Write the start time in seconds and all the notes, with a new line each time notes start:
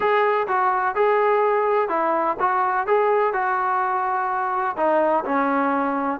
0.00 G#4
0.47 F#4
0.95 G#4
1.89 E4
2.39 F#4
2.86 G#4
3.33 F#4
4.76 D#4
5.24 C#4